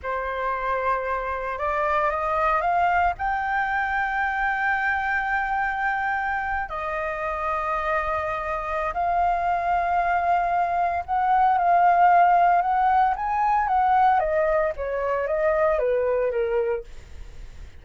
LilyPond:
\new Staff \with { instrumentName = "flute" } { \time 4/4 \tempo 4 = 114 c''2. d''4 | dis''4 f''4 g''2~ | g''1~ | g''8. dis''2.~ dis''16~ |
dis''4 f''2.~ | f''4 fis''4 f''2 | fis''4 gis''4 fis''4 dis''4 | cis''4 dis''4 b'4 ais'4 | }